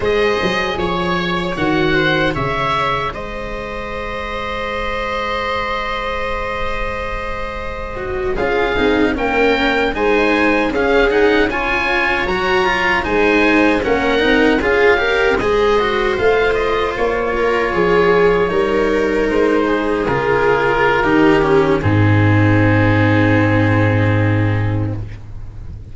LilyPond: <<
  \new Staff \with { instrumentName = "oboe" } { \time 4/4 \tempo 4 = 77 dis''4 cis''4 fis''4 e''4 | dis''1~ | dis''2~ dis''8. f''4 g''16~ | g''8. gis''4 f''8 fis''8 gis''4 ais''16~ |
ais''8. gis''4 fis''4 f''4 dis''16~ | dis''8. f''8 dis''8 cis''2~ cis''16~ | cis''8. c''4 ais'2~ ais'16 | gis'1 | }
  \new Staff \with { instrumentName = "viola" } { \time 4/4 c''4 cis''4. c''8 cis''4 | c''1~ | c''2~ c''8. gis'4 ais'16~ | ais'8. c''4 gis'4 cis''4~ cis''16~ |
cis''8. c''4 ais'4 gis'8 ais'8 c''16~ | c''2~ c''16 ais'8 gis'4 ais'16~ | ais'4~ ais'16 gis'4.~ gis'16 g'4 | dis'1 | }
  \new Staff \with { instrumentName = "cello" } { \time 4/4 gis'2 fis'4 gis'4~ | gis'1~ | gis'2~ gis'16 fis'8 f'8 dis'8 cis'16~ | cis'8. dis'4 cis'8 dis'8 f'4 fis'16~ |
fis'16 f'8 dis'4 cis'8 dis'8 f'8 g'8 gis'16~ | gis'16 fis'8 f'2. dis'16~ | dis'4.~ dis'16 f'4~ f'16 dis'8 cis'8 | c'1 | }
  \new Staff \with { instrumentName = "tuba" } { \time 4/4 gis8 fis8 f4 dis4 cis4 | gis1~ | gis2~ gis8. cis'8 c'8 ais16~ | ais8. gis4 cis'2 fis16~ |
fis8. gis4 ais8 c'8 cis'4 gis16~ | gis8. a4 ais4 f4 g16~ | g8. gis4 cis4~ cis16 dis4 | gis,1 | }
>>